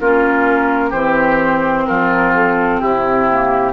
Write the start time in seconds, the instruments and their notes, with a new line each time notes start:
0.00 bassoon A#3, clarinet C#4, oboe F4, flute A#4
0.89 bassoon E3, clarinet C4, oboe G4, flute C5
1.86 bassoon F3, oboe F4, flute A#4
2.35 flute A4
2.80 bassoon C3, oboe E4, flute G4
3.29 clarinet A#3